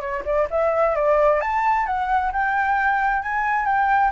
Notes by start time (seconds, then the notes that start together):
0.00 C#5
0.25 D5
0.50 E5
0.95 D5
1.41 A5
1.86 F#5
2.32 G5
3.22 G#5
3.65 G5